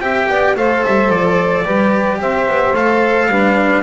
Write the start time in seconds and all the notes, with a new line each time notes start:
0.00 C4 G4 E5 G5
0.29 B3 D5
0.56 A3 A4 C5 F5
0.85 G3 E5
1.10 F3 D5
1.64 G3 G4 B4
2.20 C4 C5 E5
2.48 B3
2.73 A3 A4 F5
3.26 G3 D4 B4